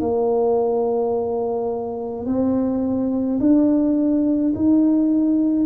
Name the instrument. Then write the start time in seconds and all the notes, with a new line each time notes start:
tuba
0.00 A#3
2.25 C4
3.40 D4
4.55 D#4